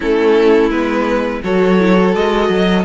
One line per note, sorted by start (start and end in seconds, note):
0.00 0.70 A3
0.00 0.71 C#4
0.00 1.42 E4
0.00 0.70 A4
0.70 1.41 G#3
0.70 1.43 B3
0.70 1.41 B4
1.43 2.14 F#3
1.43 1.79 F#4
1.43 2.84 A4
1.43 2.15 C#5
1.79 1.97 E4
1.99 2.84 F#4
2.14 2.49 G#3
2.14 2.84 D#5
2.49 2.84 F#3